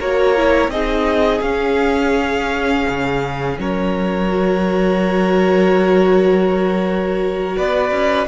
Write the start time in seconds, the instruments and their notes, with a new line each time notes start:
0.00 cello A#3, viola F#4, violin A#4 C#5
0.37 viola E4
0.68 cello C4, viola D#4, violin G#4 D#5
1.41 cello C#4, viola C#4, violin F5
2.89 cello C#3
3.59 cello F#3, violin A#4 C#5
4.30 viola F#4
7.57 cello B3, violin B4 D5
7.91 cello C#4